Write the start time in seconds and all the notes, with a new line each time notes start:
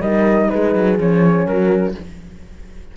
0.00 G3 D#4 A#4 D#5
0.49 G#3 G#4 B4
0.75 F#3
0.98 F3 C#4 C#5
1.46 F#3 F#4 A#4